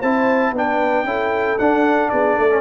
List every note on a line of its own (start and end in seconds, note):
0.00 0.52 C4
0.00 0.56 E4
0.00 0.52 C5
0.00 0.54 A5
0.52 1.04 B3
0.52 1.06 D4
0.52 1.07 B4
0.52 1.59 G5
1.05 1.57 C#4
1.05 1.58 E4
1.05 2.12 A4
1.59 2.12 D4
1.59 2.50 D4
1.59 2.10 F#5
2.10 2.38 B3
2.10 2.37 G#4
2.10 2.61 D5
2.37 2.61 A3
2.37 2.61 A4
2.50 2.61 C#4